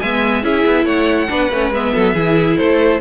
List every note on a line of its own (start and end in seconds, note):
0.00 0.43 G#3
0.00 0.43 B3
0.00 0.45 E5
0.00 0.43 G#5
0.43 0.65 C#4
0.43 1.29 E4
0.43 0.85 G#4
0.43 0.87 E5
0.66 0.86 B3
0.85 1.29 A3
0.85 1.28 C#5
0.85 1.72 F#5
1.29 1.51 B3
1.29 1.50 D4
1.29 1.94 B4
1.51 1.71 A3
1.51 1.74 C#4
1.71 1.92 G#3
1.71 2.15 B3
1.71 2.58 E5
1.94 2.14 F#3
1.94 2.15 A4
2.14 2.57 E3
2.14 3.01 E4
2.14 2.58 G#4
2.58 3.01 A3
2.58 3.01 A4
2.58 3.01 C5